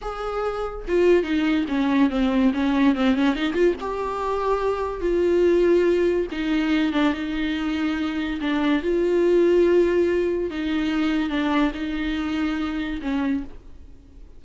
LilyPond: \new Staff \with { instrumentName = "viola" } { \time 4/4 \tempo 4 = 143 gis'2 f'4 dis'4 | cis'4 c'4 cis'4 c'8 cis'8 | dis'8 f'8 g'2. | f'2. dis'4~ |
dis'8 d'8 dis'2. | d'4 f'2.~ | f'4 dis'2 d'4 | dis'2. cis'4 | }